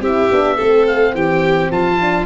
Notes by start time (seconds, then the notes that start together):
0.00 C4 E4 G4 E5
0.31 B3 D4
0.56 A3 C4 A4
0.87 F5
1.14 E3 G4 G5
1.71 F3 F4 A5
2.01 D4